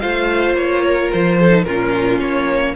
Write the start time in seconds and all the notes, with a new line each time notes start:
0.00 A3 F4 C5 F5
0.53 A#3 C#5
0.83 A#4
1.12 F3 C5
1.39 A4
1.50 D#4
1.63 A#2 C#4 F4 A#4
2.19 A#3 C#5